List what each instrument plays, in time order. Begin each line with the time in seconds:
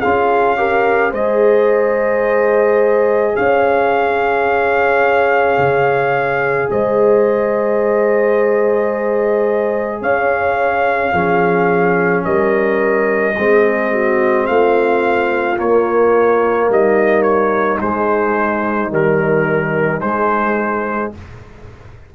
0.00 tuba C#4, trombone F4, horn G#4, trumpet F5
0.57 trombone G4, horn A#4
1.11 tuba G#3, trombone G#4, horn C5, trumpet D#5
3.36 tuba C#4, horn C#5, trumpet F5
5.58 tuba C#3
6.71 tuba G#3, horn C5, trumpet D#5
10.02 tuba C#4, horn C#5, trumpet F5
11.13 tuba F3, trombone C#4, horn G#4
12.25 tuba G3, horn A#4, trumpet D#5
13.37 tuba G#3, trombone C4, horn G#4
13.93 horn F#4
14.47 tuba A3, horn F4, trumpet F5
15.57 trombone A#3, tuba A#3, trumpet C#5
16.69 tuba G3, horn D#4, trumpet D#5
17.23 trumpet C#5
17.81 trombone G#3, tuba G#3, trumpet C5
18.90 trombone D#3, tuba G3, trumpet A#4
20.01 tuba G#3, trombone G#3, trumpet C5